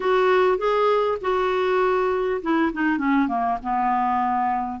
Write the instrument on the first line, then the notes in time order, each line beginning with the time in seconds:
clarinet
0.00 F#4
0.58 G#4
1.21 F#4
2.42 E4
2.72 D#4
2.98 C#4
3.28 A#3
3.62 B3